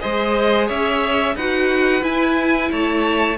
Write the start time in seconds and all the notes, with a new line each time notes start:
0.00 G#3 G#4 C5 D#5
0.67 C#4 C#5 E5
1.35 D#4 F#4 B4 F#5
2.01 E4 G#5
2.71 A3 C#5 A5